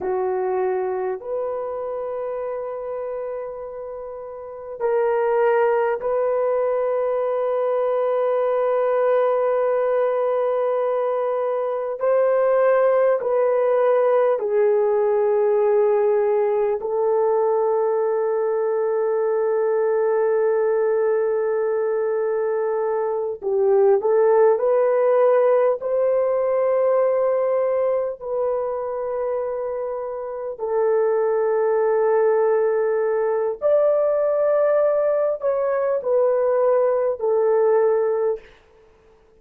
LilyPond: \new Staff \with { instrumentName = "horn" } { \time 4/4 \tempo 4 = 50 fis'4 b'2. | ais'4 b'2.~ | b'2 c''4 b'4 | gis'2 a'2~ |
a'2.~ a'8 g'8 | a'8 b'4 c''2 b'8~ | b'4. a'2~ a'8 | d''4. cis''8 b'4 a'4 | }